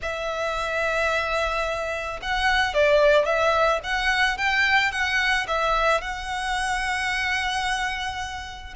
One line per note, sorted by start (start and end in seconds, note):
0.01 2.20 E5
2.22 2.73 F#5
2.73 3.25 D5
3.25 3.80 E5
3.83 4.37 F#5
4.37 4.91 G5
4.91 5.46 F#5
5.47 6.01 E5
6.01 8.73 F#5